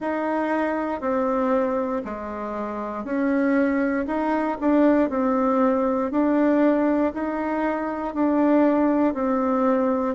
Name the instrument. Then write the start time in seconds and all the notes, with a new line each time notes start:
bassoon
0.00 D#4
1.00 C4
2.04 G#3
3.04 C#4
4.06 D#4
4.60 D4
5.09 C4
6.11 D4
7.13 D#4
8.14 D4
9.13 C4